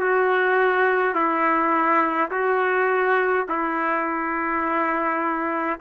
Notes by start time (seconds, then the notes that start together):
0.00 F#4
1.14 E4
2.31 F#4
3.49 E4